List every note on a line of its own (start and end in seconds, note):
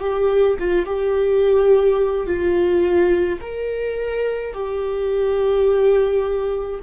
0.00 0.57 G4
0.59 0.85 F4
0.85 2.26 G4
2.26 3.40 F4
3.41 4.53 A#4
4.53 6.80 G4